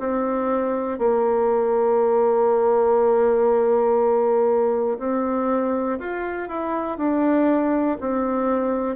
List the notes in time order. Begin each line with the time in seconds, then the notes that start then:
0.00 C4
0.99 A#3
4.99 C4
5.99 F4
6.49 E4
6.98 D4
8.00 C4